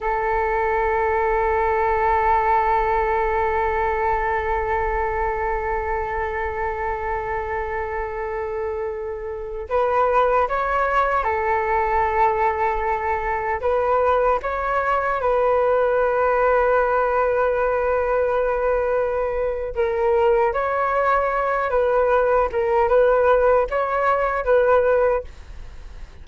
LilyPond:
\new Staff \with { instrumentName = "flute" } { \time 4/4 \tempo 4 = 76 a'1~ | a'1~ | a'1~ | a'16 b'4 cis''4 a'4.~ a'16~ |
a'4~ a'16 b'4 cis''4 b'8.~ | b'1~ | b'4 ais'4 cis''4. b'8~ | b'8 ais'8 b'4 cis''4 b'4 | }